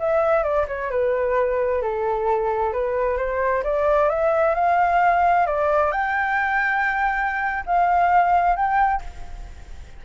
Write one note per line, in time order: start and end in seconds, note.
0.00 0.44 E5
0.44 0.67 D5
0.68 0.91 C#5
0.91 1.82 B4
1.82 2.73 A4
2.73 3.18 B4
3.18 3.63 C5
3.64 4.10 D5
4.10 4.55 E5
4.55 5.47 F5
5.47 5.92 D5
5.92 7.64 G5
7.67 8.56 F5
8.56 9.02 G5